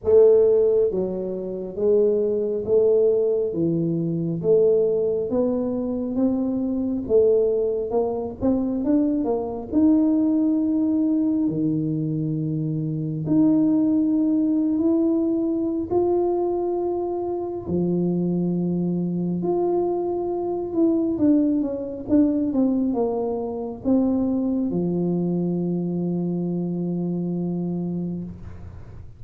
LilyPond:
\new Staff \with { instrumentName = "tuba" } { \time 4/4 \tempo 4 = 68 a4 fis4 gis4 a4 | e4 a4 b4 c'4 | a4 ais8 c'8 d'8 ais8 dis'4~ | dis'4 dis2 dis'4~ |
dis'8. e'4~ e'16 f'2 | f2 f'4. e'8 | d'8 cis'8 d'8 c'8 ais4 c'4 | f1 | }